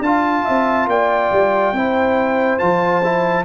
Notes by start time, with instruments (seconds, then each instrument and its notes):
0.00 tuba D4, trombone F4, horn F5, trumpet A5
0.45 tuba C4, horn E5
0.87 tuba A#3, horn D5, trumpet G5
1.32 tuba G3
1.73 tuba C4, trombone E4, horn C5
2.59 tuba F3, trombone F4, trumpet A5
3.04 trombone E4